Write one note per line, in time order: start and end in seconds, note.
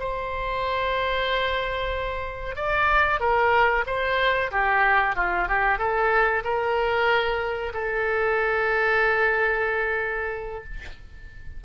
0.00 2.56 C5
2.56 3.21 D5
3.21 3.85 A#4
3.87 4.51 C5
4.52 5.16 G4
5.16 5.48 F4
5.48 5.79 G4
5.79 6.43 A4
6.44 7.73 A#4
7.74 10.65 A4